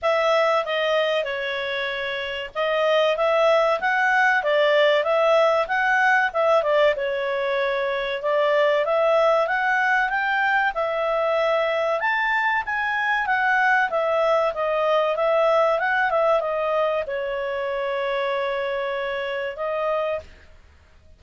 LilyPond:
\new Staff \with { instrumentName = "clarinet" } { \time 4/4 \tempo 4 = 95 e''4 dis''4 cis''2 | dis''4 e''4 fis''4 d''4 | e''4 fis''4 e''8 d''8 cis''4~ | cis''4 d''4 e''4 fis''4 |
g''4 e''2 a''4 | gis''4 fis''4 e''4 dis''4 | e''4 fis''8 e''8 dis''4 cis''4~ | cis''2. dis''4 | }